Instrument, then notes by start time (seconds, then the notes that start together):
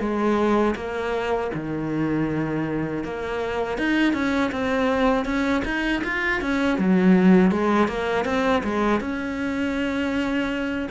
cello
0.00 G#3
0.76 A#3
1.54 D#3
3.04 A#3
3.78 D#4
4.13 C#4
4.51 C4
5.25 C#4
5.65 D#4
6.04 F4
6.41 C#4
6.78 F#3
7.51 G#3
7.88 A#3
8.25 C4
8.64 G#3
9.00 C#4